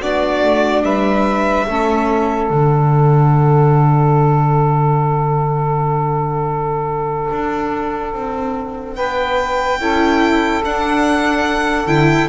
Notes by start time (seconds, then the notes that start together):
0.00 B3 D4 F#4 D5
0.44 A3
0.83 G3 B4 E5
1.68 A3 C#4 A4
2.50 D3 D4 F#5
7.31 D4
8.14 C4
8.96 B3 B4 G5
9.80 C#4 E4 A4
10.64 D4 F#5
11.87 D3 E4 G5